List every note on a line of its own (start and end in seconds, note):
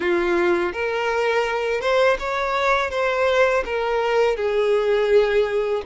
0.00 0.72 F4
0.73 1.80 A#4
1.80 2.17 C5
2.19 2.90 C#5
2.90 3.63 C5
3.65 4.36 A#4
4.36 5.82 G#4